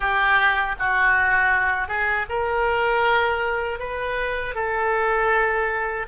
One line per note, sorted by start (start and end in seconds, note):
0.00 0.75 G4
0.79 1.88 F#4
1.88 2.26 G#4
2.29 3.79 A#4
3.79 4.54 B4
4.54 6.06 A4